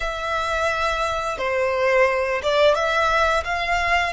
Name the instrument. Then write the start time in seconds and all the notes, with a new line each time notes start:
violin
0.00 E5
1.38 C5
2.43 D5
2.74 E5
3.44 F5